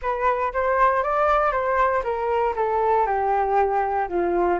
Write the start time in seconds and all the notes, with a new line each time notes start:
0.01 B4
0.53 C5
1.03 D5
1.52 C5
2.03 A#4
2.55 A4
3.06 G4
4.08 F4